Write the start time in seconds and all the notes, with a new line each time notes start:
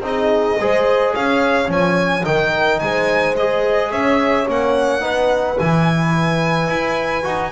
0.00 C4 D#4 G#4
0.07 D#5
0.59 G#3 G#4 C5
1.14 C#4 C#5 F5
1.66 F3 C#4
1.72 G#5
2.24 D#3 D#4 A#4 G5
2.80 G#3 C5 G#5
3.37 G#4 D#5
3.92 C#4 C#5 E5
4.48 A#3 C#4 F#5
5.01 B3 D#4 B4
5.59 E3 E4 G#5
6.68 E4
7.23 D#4 F#4